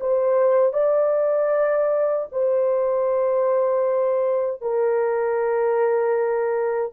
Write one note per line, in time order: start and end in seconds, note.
0.00 0.73 C5
0.73 2.27 D5
2.32 4.61 C5
4.61 6.92 A#4